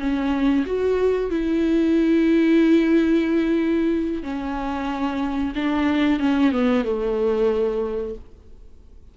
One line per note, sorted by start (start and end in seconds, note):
0.00 0.65 C#4
0.66 1.30 F#4
1.30 4.23 E4
4.23 5.53 C#4
5.56 6.20 D4
6.20 6.52 C#4
6.52 6.84 B3
6.84 8.15 A3